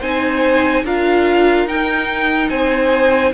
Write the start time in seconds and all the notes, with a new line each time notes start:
0.00 C4 D#4 C5 G#5
0.84 D4 F4 A#4 F5
1.66 D#4 G5
2.49 C4 C5 G#5